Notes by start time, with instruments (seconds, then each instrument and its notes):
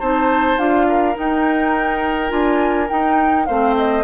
0.00 bassoon C4, clarinet D#4, oboe C5, flute A5
0.58 bassoon D4, clarinet F4, flute F5
0.88 oboe A#4
1.15 clarinet D#4, bassoon D#4, flute G5
2.29 bassoon D4, clarinet F4, flute G#5
2.89 clarinet D#4, bassoon D#4, flute G5
3.46 bassoon A3, clarinet C4, oboe C5, flute F5
3.77 flute D#5